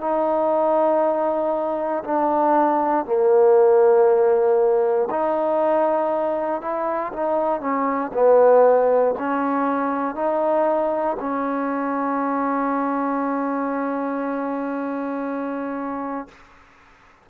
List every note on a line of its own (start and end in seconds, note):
0.00 2.03 D#4
2.04 3.06 D4
3.06 5.09 A#3
5.10 6.61 D#4
6.61 7.12 E4
7.13 7.60 D#4
7.60 8.11 C#4
8.13 9.15 B3
9.18 10.15 C#4
10.15 11.17 D#4
11.20 16.28 C#4